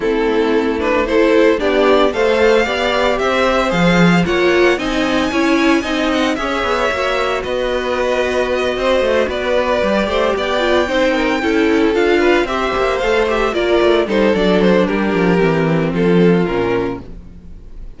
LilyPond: <<
  \new Staff \with { instrumentName = "violin" } { \time 4/4 \tempo 4 = 113 a'4. b'8 c''4 d''4 | f''2 e''4 f''4 | fis''4 gis''2~ gis''8 fis''8 | e''2 dis''2~ |
dis''4. d''2 g''8~ | g''2~ g''8 f''4 e''8~ | e''8 f''8 e''8 d''4 c''8 d''8 c''8 | ais'2 a'4 ais'4 | }
  \new Staff \with { instrumentName = "violin" } { \time 4/4 e'2 a'4 g'4 | c''4 d''4 c''2 | cis''4 dis''4 cis''4 dis''4 | cis''2 b'2~ |
b'8 c''4 b'4. c''8 d''8~ | d''8 c''8 ais'8 a'4. b'8 c''8~ | c''4. ais'4 a'4. | g'2 f'2 | }
  \new Staff \with { instrumentName = "viola" } { \time 4/4 c'4. d'8 e'4 d'4 | a'4 g'2 gis'4 | f'4 dis'4 e'4 dis'4 | gis'4 fis'2.~ |
fis'2~ fis'8 g'4. | f'8 dis'4 e'4 f'4 g'8~ | g'8 a'8 g'8 f'4 dis'8 d'4~ | d'4 c'2 cis'4 | }
  \new Staff \with { instrumentName = "cello" } { \time 4/4 a2. b4 | a4 b4 c'4 f4 | ais4 c'4 cis'4 c'4 | cis'8 b8 ais4 b2~ |
b8 c'8 a8 b4 g8 a8 b8~ | b8 c'4 cis'4 d'4 c'8 | ais8 a4 ais8 a8 g8 fis4 | g8 f8 e4 f4 ais,4 | }
>>